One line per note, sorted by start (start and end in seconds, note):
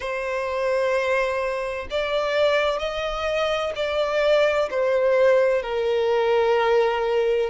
0.00 1.87 C5
1.90 2.79 D5
2.79 3.72 D#5
3.75 4.69 D5
4.70 5.62 C5
5.62 7.50 A#4